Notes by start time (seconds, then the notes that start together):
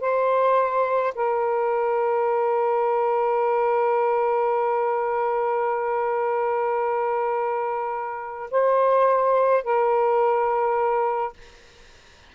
0.00 C5
1.14 A#4
8.50 C5
9.63 A#4